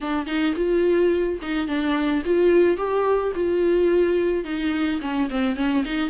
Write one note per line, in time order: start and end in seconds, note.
0.01 0.26 D4
0.26 0.54 D#4
0.56 1.39 F4
1.41 1.67 D#4
1.67 2.22 D4
2.25 2.77 F4
2.77 3.32 G4
3.35 4.44 F4
4.44 5.00 D#4
5.01 5.29 C#4
5.30 5.56 C4
5.56 5.84 C#4
5.85 6.10 D#4